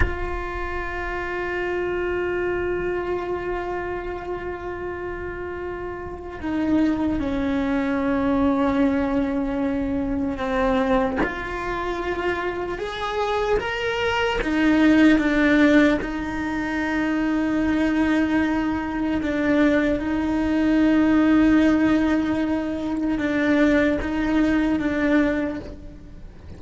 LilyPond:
\new Staff \with { instrumentName = "cello" } { \time 4/4 \tempo 4 = 75 f'1~ | f'1 | dis'4 cis'2.~ | cis'4 c'4 f'2 |
gis'4 ais'4 dis'4 d'4 | dis'1 | d'4 dis'2.~ | dis'4 d'4 dis'4 d'4 | }